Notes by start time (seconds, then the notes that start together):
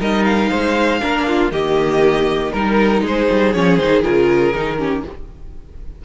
0.00 G3 D#4 A#4 D#5
0.25 F5
0.51 G#3 C5
1.01 A#3 D4 A#4
1.28 F4
1.52 D#3 A#3 G4 D#5
2.53 G3 D#4 A#4
3.02 G#3 G#4 C5
3.31 G3
3.54 F3 C#4 C#5
3.78 D#3 D#4 C5
4.03 C#3 F4 A#4
4.55 D#3 D#4
4.78 C#4 G4